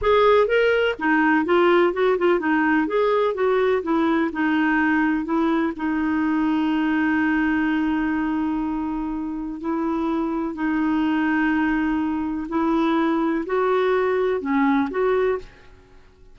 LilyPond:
\new Staff \with { instrumentName = "clarinet" } { \time 4/4 \tempo 4 = 125 gis'4 ais'4 dis'4 f'4 | fis'8 f'8 dis'4 gis'4 fis'4 | e'4 dis'2 e'4 | dis'1~ |
dis'1 | e'2 dis'2~ | dis'2 e'2 | fis'2 cis'4 fis'4 | }